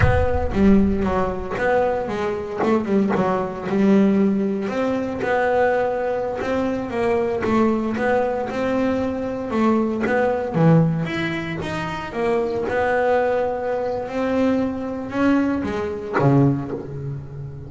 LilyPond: \new Staff \with { instrumentName = "double bass" } { \time 4/4 \tempo 4 = 115 b4 g4 fis4 b4 | gis4 a8 g8 fis4 g4~ | g4 c'4 b2~ | b16 c'4 ais4 a4 b8.~ |
b16 c'2 a4 b8.~ | b16 e4 e'4 dis'4 ais8.~ | ais16 b2~ b8. c'4~ | c'4 cis'4 gis4 cis4 | }